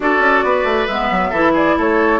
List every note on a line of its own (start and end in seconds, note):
0.00 0.18 D4
0.00 0.87 F#4
0.00 0.44 A4
0.00 0.87 D5
0.18 0.40 C#4
0.43 0.64 B3
0.43 1.30 B4
0.64 0.86 A3
0.87 1.10 G#3
0.87 1.34 B3
0.87 1.53 E5
1.10 1.31 F#3
1.30 1.75 E3
1.30 2.20 E4
1.30 1.52 A4
1.53 1.75 G#4
1.53 1.78 D5
1.77 2.20 A3
1.77 2.20 A4
1.77 2.20 C#5